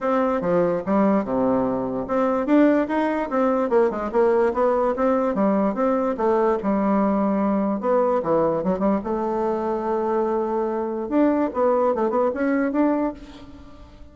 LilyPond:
\new Staff \with { instrumentName = "bassoon" } { \time 4/4 \tempo 4 = 146 c'4 f4 g4 c4~ | c4 c'4 d'4 dis'4 | c'4 ais8 gis8 ais4 b4 | c'4 g4 c'4 a4 |
g2. b4 | e4 fis8 g8 a2~ | a2. d'4 | b4 a8 b8 cis'4 d'4 | }